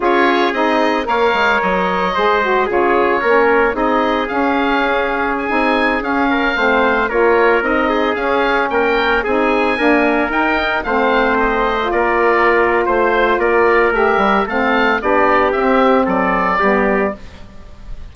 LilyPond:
<<
  \new Staff \with { instrumentName = "oboe" } { \time 4/4 \tempo 4 = 112 cis''4 dis''4 f''4 dis''4~ | dis''4 cis''2 dis''4 | f''2 gis''4~ gis''16 f''8.~ | f''4~ f''16 cis''4 dis''4 f''8.~ |
f''16 g''4 gis''2 g''8.~ | g''16 f''4 dis''4 d''4.~ d''16 | c''4 d''4 e''4 f''4 | d''4 e''4 d''2 | }
  \new Staff \with { instrumentName = "trumpet" } { \time 4/4 gis'2 cis''2 | c''4 gis'4 ais'4 gis'4~ | gis'2.~ gis'8. ais'16~ | ais'16 c''4 ais'4. gis'4~ gis'16~ |
gis'16 ais'4 gis'4 ais'4.~ ais'16~ | ais'16 c''2 ais'4.~ ais'16 | c''4 ais'2 a'4 | g'2 a'4 g'4 | }
  \new Staff \with { instrumentName = "saxophone" } { \time 4/4 f'4 dis'4 ais'2 | gis'8 fis'8 f'4 cis'4 dis'4 | cis'2~ cis'16 dis'4 cis'8.~ | cis'16 c'4 f'4 dis'4 cis'8.~ |
cis'4~ cis'16 dis'4 ais4 dis'8.~ | dis'16 c'4.~ c'16 f'2~ | f'2 g'4 c'4 | d'4 c'2 b4 | }
  \new Staff \with { instrumentName = "bassoon" } { \time 4/4 cis'4 c'4 ais8 gis8 fis4 | gis4 cis4 ais4 c'4 | cis'2~ cis'16 c'4 cis'8.~ | cis'16 a4 ais4 c'4 cis'8.~ |
cis'16 ais4 c'4 d'4 dis'8.~ | dis'16 a2 ais4.~ ais16 | a4 ais4 a8 g8 a4 | b4 c'4 fis4 g4 | }
>>